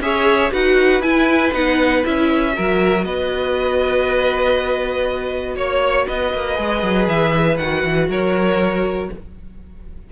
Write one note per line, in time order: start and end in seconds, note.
0.00 0.50 C#4
0.00 0.51 G#4
0.00 0.51 C#5
0.00 0.52 E5
0.51 1.01 D#4
0.51 1.02 F#4
0.51 2.53 B4
0.51 1.02 F#5
1.01 1.51 E4
1.01 1.52 E4
1.01 1.52 G#5
1.52 2.04 B3
1.52 2.03 D#4
1.52 2.04 F#5
2.04 2.57 C#4
2.04 2.53 E4
2.04 3.04 E5
2.53 3.04 F#3
2.53 6.55 F#4
2.53 3.05 A#4
3.04 5.56 B3
3.04 5.55 B4
3.04 5.56 D#5
5.55 6.06 A#3
5.55 6.05 C#5
5.55 6.07 C#5
6.06 6.33 B3
6.06 8.08 B4
6.06 7.08 D#5
6.33 6.58 A#3
6.55 6.83 G#3
6.55 7.56 G#4
6.83 7.07 F#3
7.07 7.58 E3
7.07 7.57 E5
7.57 7.83 D#3
7.57 9.12 F#4
7.57 8.07 F#5
7.83 8.08 E3
8.08 9.09 F#3
8.08 9.10 A#4
8.08 9.11 C#5